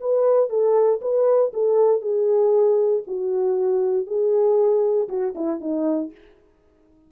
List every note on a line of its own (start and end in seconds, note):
0.00 0.49 B4
0.49 1.00 A4
1.01 1.52 B4
1.53 2.01 A4
2.01 3.03 G#4
3.07 4.07 F#4
4.07 5.08 G#4
5.09 5.34 F#4
5.35 5.60 E4
5.60 6.11 D#4